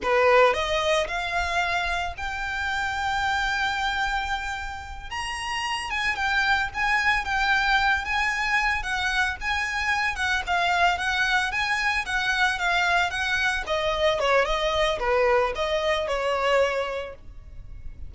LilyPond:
\new Staff \with { instrumentName = "violin" } { \time 4/4 \tempo 4 = 112 b'4 dis''4 f''2 | g''1~ | g''4. ais''4. gis''8 g''8~ | g''8 gis''4 g''4. gis''4~ |
gis''8 fis''4 gis''4. fis''8 f''8~ | f''8 fis''4 gis''4 fis''4 f''8~ | f''8 fis''4 dis''4 cis''8 dis''4 | b'4 dis''4 cis''2 | }